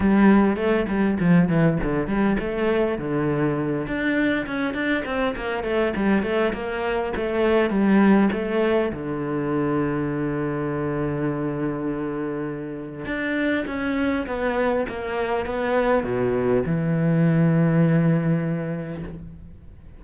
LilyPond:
\new Staff \with { instrumentName = "cello" } { \time 4/4 \tempo 4 = 101 g4 a8 g8 f8 e8 d8 g8 | a4 d4. d'4 cis'8 | d'8 c'8 ais8 a8 g8 a8 ais4 | a4 g4 a4 d4~ |
d1~ | d2 d'4 cis'4 | b4 ais4 b4 b,4 | e1 | }